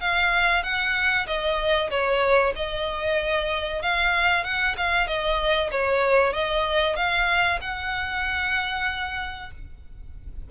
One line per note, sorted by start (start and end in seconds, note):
0.00 0.63 F5
0.63 1.26 F#5
1.27 1.90 D#5
1.90 2.53 C#5
2.55 3.82 D#5
3.82 4.44 F5
4.44 4.75 F#5
4.77 5.07 F5
5.07 5.70 D#5
5.71 6.33 C#5
6.33 6.96 D#5
6.96 7.59 F5
7.61 9.50 F#5